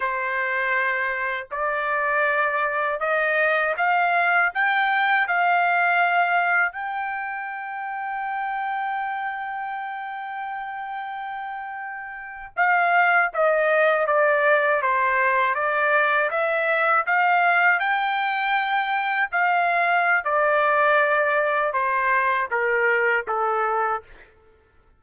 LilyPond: \new Staff \with { instrumentName = "trumpet" } { \time 4/4 \tempo 4 = 80 c''2 d''2 | dis''4 f''4 g''4 f''4~ | f''4 g''2.~ | g''1~ |
g''8. f''4 dis''4 d''4 c''16~ | c''8. d''4 e''4 f''4 g''16~ | g''4.~ g''16 f''4~ f''16 d''4~ | d''4 c''4 ais'4 a'4 | }